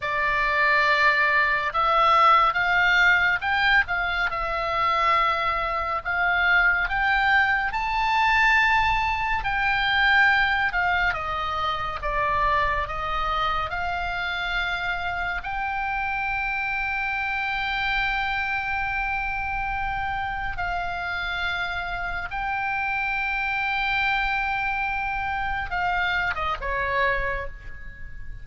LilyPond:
\new Staff \with { instrumentName = "oboe" } { \time 4/4 \tempo 4 = 70 d''2 e''4 f''4 | g''8 f''8 e''2 f''4 | g''4 a''2 g''4~ | g''8 f''8 dis''4 d''4 dis''4 |
f''2 g''2~ | g''1 | f''2 g''2~ | g''2 f''8. dis''16 cis''4 | }